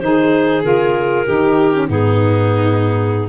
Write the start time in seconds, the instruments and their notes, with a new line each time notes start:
0.00 tuba D#3, saxophone D#4, violin G#4, clarinet C5
0.62 tuba C#3, saxophone F4, clarinet A#4
1.26 tuba D#3, saxophone D#4, violin G4
1.73 saxophone C#4
1.88 tuba G#2, saxophone B3, violin D#4, clarinet G#4